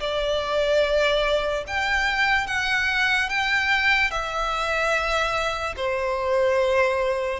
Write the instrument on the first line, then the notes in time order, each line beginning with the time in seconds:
violin
0.00 D5
1.67 G5
2.47 F#5
3.30 G5
4.11 E5
5.76 C5